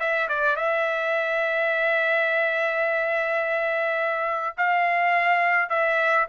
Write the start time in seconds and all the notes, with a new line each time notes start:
0.00 E5
0.29 D5
0.56 E5
4.58 F5
5.70 E5